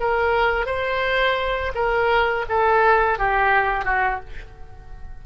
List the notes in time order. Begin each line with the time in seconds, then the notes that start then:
0.00 A#4
0.66 C5
1.75 A#4
2.49 A4
3.18 G4
3.85 F#4